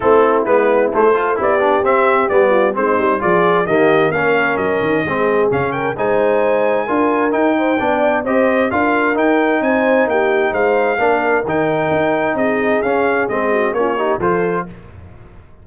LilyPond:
<<
  \new Staff \with { instrumentName = "trumpet" } { \time 4/4 \tempo 4 = 131 a'4 b'4 c''4 d''4 | e''4 d''4 c''4 d''4 | dis''4 f''4 dis''2 | f''8 g''8 gis''2. |
g''2 dis''4 f''4 | g''4 gis''4 g''4 f''4~ | f''4 g''2 dis''4 | f''4 dis''4 cis''4 c''4 | }
  \new Staff \with { instrumentName = "horn" } { \time 4/4 e'2~ e'8 a'8 g'4~ | g'4. f'8 dis'4 gis'4 | g'4 ais'2 gis'4~ | gis'8 ais'8 c''2 ais'4~ |
ais'8 c''8 d''4 c''4 ais'4~ | ais'4 c''4 g'4 c''4 | ais'2. gis'4~ | gis'4. fis'8 f'8 g'8 a'4 | }
  \new Staff \with { instrumentName = "trombone" } { \time 4/4 c'4 b4 a8 f'8 e'8 d'8 | c'4 b4 c'4 f'4 | ais4 cis'2 c'4 | cis'4 dis'2 f'4 |
dis'4 d'4 g'4 f'4 | dis'1 | d'4 dis'2. | cis'4 c'4 cis'8 dis'8 f'4 | }
  \new Staff \with { instrumentName = "tuba" } { \time 4/4 a4 gis4 a4 b4 | c'4 g4 gis8 g8 f4 | dis4 ais4 fis8 dis8 gis4 | cis4 gis2 d'4 |
dis'4 b4 c'4 d'4 | dis'4 c'4 ais4 gis4 | ais4 dis4 dis'4 c'4 | cis'4 gis4 ais4 f4 | }
>>